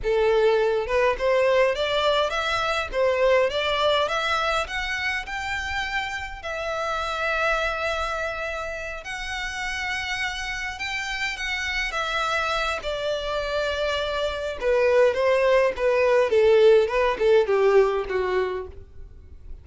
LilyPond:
\new Staff \with { instrumentName = "violin" } { \time 4/4 \tempo 4 = 103 a'4. b'8 c''4 d''4 | e''4 c''4 d''4 e''4 | fis''4 g''2 e''4~ | e''2.~ e''8 fis''8~ |
fis''2~ fis''8 g''4 fis''8~ | fis''8 e''4. d''2~ | d''4 b'4 c''4 b'4 | a'4 b'8 a'8 g'4 fis'4 | }